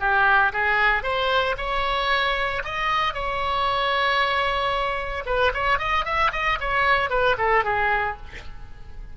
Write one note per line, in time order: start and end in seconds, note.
0.00 0.53 G4
0.53 1.03 G#4
1.03 1.56 C5
1.58 2.63 C#5
2.64 3.14 D#5
3.14 5.24 C#5
5.26 5.52 B4
5.54 5.79 C#5
5.79 6.05 D#5
6.05 6.32 E5
6.32 6.59 D#5
6.60 7.10 C#5
7.10 7.36 B4
7.38 7.64 A4
7.64 8.17 G#4